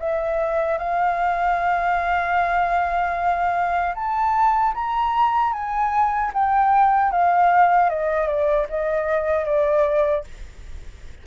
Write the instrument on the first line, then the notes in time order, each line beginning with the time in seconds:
flute
0.00 E5
0.79 F5
3.95 A5
4.75 A#5
5.53 G#5
6.34 G5
7.12 F5
7.90 D#5
8.28 D5
8.69 D#5
9.46 D5